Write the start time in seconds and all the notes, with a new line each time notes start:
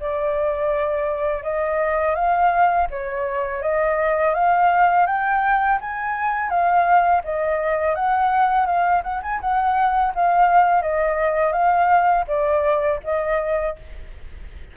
0.00 D5
1.43 D#5
2.15 F5
2.90 C#5
3.62 D#5
4.34 F5
5.07 G5
5.81 G#5
6.50 F5
7.24 D#5
7.96 F#5
8.66 F5
9.03 F#5
9.22 G#5
9.41 F#5
10.15 F5
10.82 D#5
11.53 F5
12.28 D5
13.04 D#5